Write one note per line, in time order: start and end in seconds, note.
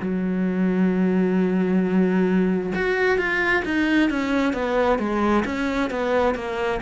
0.00 2.73 F#3
2.75 3.18 F#4
3.18 3.63 F4
3.64 4.10 D#4
4.10 4.53 C#4
4.53 4.99 B3
4.99 5.44 G#3
5.45 5.90 C#4
5.90 6.35 B3
6.35 6.80 A#3